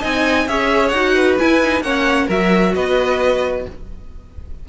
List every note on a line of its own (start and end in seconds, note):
0.00 0.46 C4
0.00 0.46 D#4
0.00 0.45 D#5
0.00 0.48 G#5
0.46 0.92 C#4
0.46 0.94 G#4
0.46 1.14 C#5
0.46 0.88 E5
0.88 1.37 D#4
0.88 1.34 F#5
0.95 1.39 F#4
1.14 1.82 B4
1.38 1.62 E4
1.38 1.81 E4
1.38 1.82 G#5
1.62 1.83 D#4
1.81 2.26 A#3
1.81 2.29 C#4
1.81 2.26 C#5
1.81 2.27 F#5
2.26 2.74 F#3
2.26 3.68 F#4
2.26 2.71 A#4
2.26 2.74 E5
2.74 3.66 B3
2.74 3.66 B4
2.74 3.65 D#5